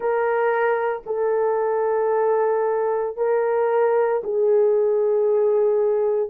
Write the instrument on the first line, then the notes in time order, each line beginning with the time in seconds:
horn
0.00 A#4
1.06 A4
3.16 A#4
4.23 G#4